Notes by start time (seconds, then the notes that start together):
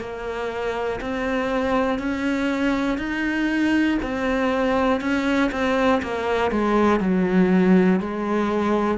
0.00 A#3
1.00 C4
1.99 C#4
2.98 D#4
4.02 C4
5.00 C#4
5.51 C4
6.02 A#3
6.51 G#3
7.00 F#3
8.00 G#3